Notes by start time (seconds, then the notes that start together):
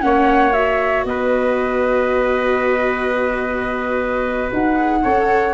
0.00 A#3 C#4 C#5 F#5
0.53 F#4 E5
1.05 B3 B4 D#5
4.53 D#4 F#5
4.76 G#4
5.03 C#4 A4 C#5